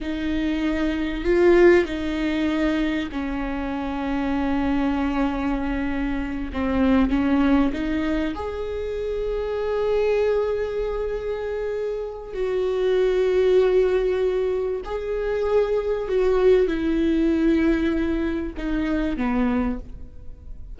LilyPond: \new Staff \with { instrumentName = "viola" } { \time 4/4 \tempo 4 = 97 dis'2 f'4 dis'4~ | dis'4 cis'2.~ | cis'2~ cis'8 c'4 cis'8~ | cis'8 dis'4 gis'2~ gis'8~ |
gis'1 | fis'1 | gis'2 fis'4 e'4~ | e'2 dis'4 b4 | }